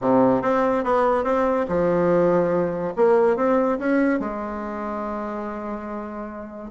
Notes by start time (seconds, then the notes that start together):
0.01 C3
0.42 C4
0.84 B3
1.24 C4
1.68 F3
2.96 A#3
3.36 C4
3.78 C#4
4.19 G#3